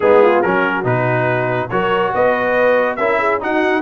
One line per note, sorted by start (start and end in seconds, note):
0.00 0.43 G#3
0.00 0.44 B3
0.00 0.22 D#4
0.00 0.42 G#4
0.22 0.43 F4
0.42 0.84 F#3
0.42 0.84 C#4
0.42 1.70 F#4
0.42 0.84 A#4
0.84 1.69 B2
0.84 1.69 D#4
0.84 1.69 B4
1.69 2.13 F#3
1.69 2.98 F#4
1.69 2.13 A#4
1.69 2.12 C#5
2.13 2.98 B3
2.13 2.98 B4
2.13 2.96 D#5
2.96 3.40 C#4
2.96 3.40 E4
2.96 3.19 A#4
2.96 3.38 E5
3.19 3.40 G#4
3.40 3.81 D#4
3.40 3.81 F#4
3.40 3.81 F#5